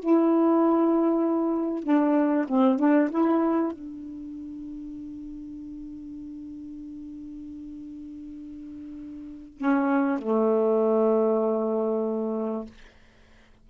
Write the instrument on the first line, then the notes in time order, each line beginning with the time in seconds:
saxophone
0.00 E4
1.84 D4
2.49 C4
2.79 D4
3.11 E4
3.73 D4
9.58 C#4
10.19 A3